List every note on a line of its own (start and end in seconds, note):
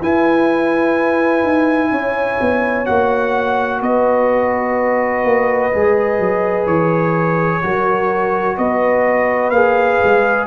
0.00 1.43 E4
0.00 2.86 E4
0.00 1.90 B4
0.00 2.85 G#5
1.43 1.90 D#4
1.90 2.38 C#4
1.90 3.81 C#5
2.40 2.88 B3
2.85 3.81 A#3
2.85 5.71 F#4
2.85 3.81 F#5
3.81 5.24 B3
3.81 7.62 B4
3.81 6.66 D#5
5.24 5.71 A#3
5.72 6.19 G#3
5.72 7.62 G#4
6.19 6.66 F#3
6.66 7.61 E3
6.66 8.57 C#5
7.62 8.57 F#3
7.62 9.53 F#4
7.62 8.57 A#4
8.57 9.50 B3
8.57 10.47 B4
8.57 9.50 D#5
9.50 9.97 A#3
9.50 10.47 G#4
9.50 10.45 F5
10.03 10.47 G#3